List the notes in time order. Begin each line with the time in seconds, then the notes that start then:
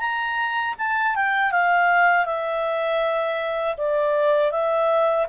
0.00 A#5
0.78 A5
1.16 G5
1.52 F5
2.26 E5
3.78 D5
4.51 E5